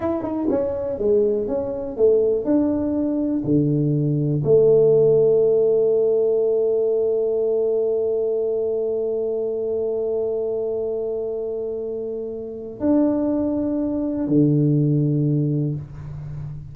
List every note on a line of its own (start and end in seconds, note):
0.00 0.22 E4
0.22 0.47 D#4
0.50 0.98 C#4
0.98 1.47 G#3
1.47 1.96 C#4
1.96 2.44 A3
2.44 3.43 D4
3.44 4.42 D3
4.44 12.80 A3
12.80 14.27 D4
14.27 15.75 D3